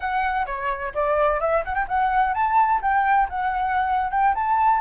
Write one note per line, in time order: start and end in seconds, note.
0.00 0.46 F#5
0.46 0.92 C#5
0.94 1.40 D5
1.40 1.63 E5
1.64 1.74 F#5
1.74 1.86 G5
1.88 2.34 F#5
2.34 2.80 A5
2.81 3.28 G5
3.29 4.10 F#5
4.10 4.34 G5
4.34 4.81 A5